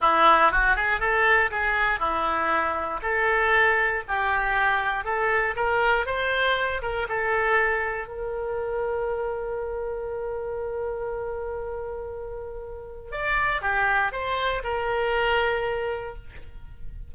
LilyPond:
\new Staff \with { instrumentName = "oboe" } { \time 4/4 \tempo 4 = 119 e'4 fis'8 gis'8 a'4 gis'4 | e'2 a'2 | g'2 a'4 ais'4 | c''4. ais'8 a'2 |
ais'1~ | ais'1~ | ais'2 d''4 g'4 | c''4 ais'2. | }